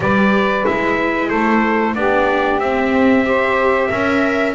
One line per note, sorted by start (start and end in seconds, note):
0.00 0.65 G3
0.00 0.65 G4
0.00 1.29 B4
0.00 0.65 D5
0.65 1.31 G#3
0.65 1.95 E4
0.65 1.29 E5
1.29 1.95 A3
1.29 1.94 A4
1.29 1.94 C5
1.94 2.58 B3
1.94 2.60 D4
1.94 3.26 G4
1.94 2.59 D5
2.58 3.88 C4
2.58 3.24 C4
2.58 4.54 E5
3.24 3.89 G4
3.24 3.87 C5
3.87 4.54 C#4
3.87 4.54 A#4
3.87 4.53 E5